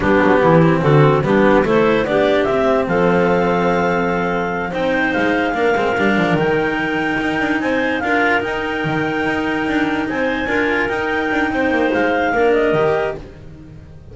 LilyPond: <<
  \new Staff \with { instrumentName = "clarinet" } { \time 4/4 \tempo 4 = 146 g'2 a'4 g'4 | c''4 d''4 e''4 f''4~ | f''2.~ f''8 g''8~ | g''8 f''2. g''8~ |
g''2~ g''8 gis''4 f''8~ | f''8 g''2.~ g''8~ | g''8 gis''2 g''4.~ | g''4 f''4. dis''4. | }
  \new Staff \with { instrumentName = "clarinet" } { \time 4/4 d'4 e'4 fis'4 d'4 | a'4 g'2 a'4~ | a'2.~ a'8 c''8~ | c''4. ais'2~ ais'8~ |
ais'2~ ais'8 c''4 ais'8~ | ais'1~ | ais'8 c''4 ais'2~ ais'8 | c''2 ais'2 | }
  \new Staff \with { instrumentName = "cello" } { \time 4/4 b4. c'4. b4 | e'4 d'4 c'2~ | c'2.~ c'8 dis'8~ | dis'4. d'8 c'8 d'4 dis'8~ |
dis'2.~ dis'8 f'8~ | f'8 dis'2.~ dis'8~ | dis'4. f'4 dis'4.~ | dis'2 d'4 g'4 | }
  \new Staff \with { instrumentName = "double bass" } { \time 4/4 g8 fis8 e4 d4 g4 | a4 b4 c'4 f4~ | f2.~ f8 c'8~ | c'8 gis4 ais8 gis8 g8 f8 dis8~ |
dis4. dis'8 d'8 c'4 d'8~ | d'8 dis'4 dis4 dis'4 d'8~ | d'8 c'4 d'4 dis'4 d'8 | c'8 ais8 gis4 ais4 dis4 | }
>>